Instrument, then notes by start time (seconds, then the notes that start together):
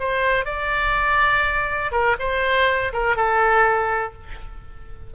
oboe
0.00 C5
0.46 D5
1.92 A#4
2.20 C5
2.93 A#4
3.16 A4